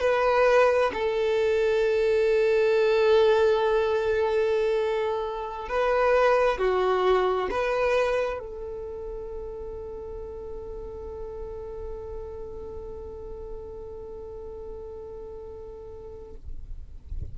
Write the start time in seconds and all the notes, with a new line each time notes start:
0.00 B4
0.93 A4
5.68 B4
6.58 F#4
7.50 B4
8.39 A4